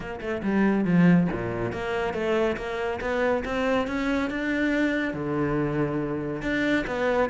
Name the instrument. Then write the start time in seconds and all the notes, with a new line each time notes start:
cello
0.00 A#3
0.20 A3
0.43 G3
0.85 F3
1.32 A#2
1.72 A#3
2.13 A3
2.56 A#3
3.00 B3
3.44 C4
3.87 C#4
4.30 D4
5.13 D3
6.42 D4
6.86 B3